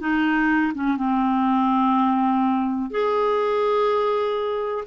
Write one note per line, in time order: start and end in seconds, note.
0.00 0.73 D#4
0.75 0.97 C#4
0.97 2.91 C4
2.91 4.84 G#4